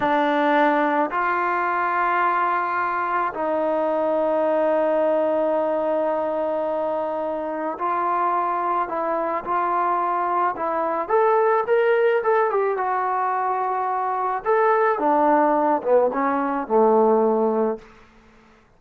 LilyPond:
\new Staff \with { instrumentName = "trombone" } { \time 4/4 \tempo 4 = 108 d'2 f'2~ | f'2 dis'2~ | dis'1~ | dis'2 f'2 |
e'4 f'2 e'4 | a'4 ais'4 a'8 g'8 fis'4~ | fis'2 a'4 d'4~ | d'8 b8 cis'4 a2 | }